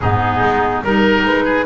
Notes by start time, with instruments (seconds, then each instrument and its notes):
0.00 double bass G#2, clarinet B3, oboe D#4, flute G#4
0.41 double bass G#3
0.83 double bass G3, clarinet D#4, flute A#4, oboe A#4
1.23 double bass G#3, flute B4
1.44 oboe G#4